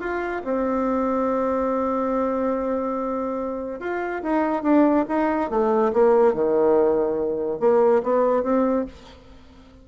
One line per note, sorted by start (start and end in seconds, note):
0.00 0.42 F4
0.44 3.80 C4
3.80 4.22 F4
4.23 4.63 D#4
4.63 5.05 D4
5.08 5.50 D#4
5.50 5.92 A3
5.93 6.34 A#3
6.34 7.60 D#3
7.60 8.02 A#3
8.03 8.43 B3
8.43 8.85 C4